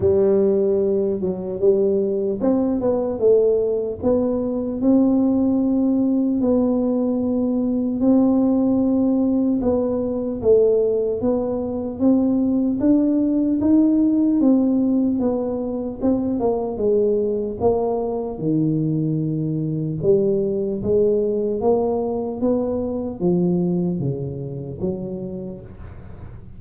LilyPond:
\new Staff \with { instrumentName = "tuba" } { \time 4/4 \tempo 4 = 75 g4. fis8 g4 c'8 b8 | a4 b4 c'2 | b2 c'2 | b4 a4 b4 c'4 |
d'4 dis'4 c'4 b4 | c'8 ais8 gis4 ais4 dis4~ | dis4 g4 gis4 ais4 | b4 f4 cis4 fis4 | }